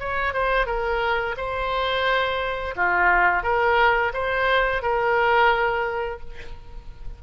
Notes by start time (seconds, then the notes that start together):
0.00 C#5
0.34 C5
0.67 A#4
1.37 C5
2.76 F4
3.44 A#4
4.14 C5
4.82 A#4